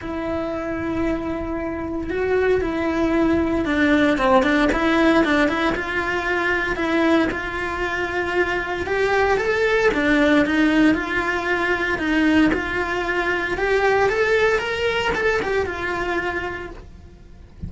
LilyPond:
\new Staff \with { instrumentName = "cello" } { \time 4/4 \tempo 4 = 115 e'1 | fis'4 e'2 d'4 | c'8 d'8 e'4 d'8 e'8 f'4~ | f'4 e'4 f'2~ |
f'4 g'4 a'4 d'4 | dis'4 f'2 dis'4 | f'2 g'4 a'4 | ais'4 a'8 g'8 f'2 | }